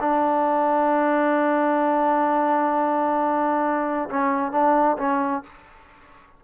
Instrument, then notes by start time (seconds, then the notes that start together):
trombone
0.00 D4
4.10 C#4
4.52 D4
4.98 C#4